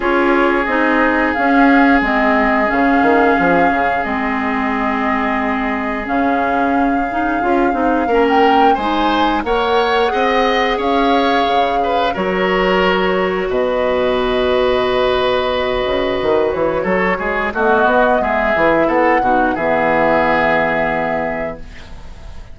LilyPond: <<
  \new Staff \with { instrumentName = "flute" } { \time 4/4 \tempo 4 = 89 cis''4 dis''4 f''4 dis''4 | f''2 dis''2~ | dis''4 f''2.~ | f''16 g''8. gis''4 fis''2 |
f''2 cis''2 | dis''1~ | dis''8 cis''4. dis''4 e''4 | fis''4 e''2. | }
  \new Staff \with { instrumentName = "oboe" } { \time 4/4 gis'1~ | gis'1~ | gis'1 | ais'4 c''4 cis''4 dis''4 |
cis''4. b'8 ais'2 | b'1~ | b'4 a'8 gis'8 fis'4 gis'4 | a'8 fis'8 gis'2. | }
  \new Staff \with { instrumentName = "clarinet" } { \time 4/4 f'4 dis'4 cis'4 c'4 | cis'2 c'2~ | c'4 cis'4. dis'8 f'8 dis'8 | cis'4 dis'4 ais'4 gis'4~ |
gis'2 fis'2~ | fis'1~ | fis'2 b4. e'8~ | e'8 dis'8 b2. | }
  \new Staff \with { instrumentName = "bassoon" } { \time 4/4 cis'4 c'4 cis'4 gis4 | cis8 dis8 f8 cis8 gis2~ | gis4 cis2 cis'8 c'8 | ais4 gis4 ais4 c'4 |
cis'4 cis4 fis2 | b,2.~ b,8 cis8 | dis8 e8 fis8 gis8 a8 b8 gis8 e8 | b8 b,8 e2. | }
>>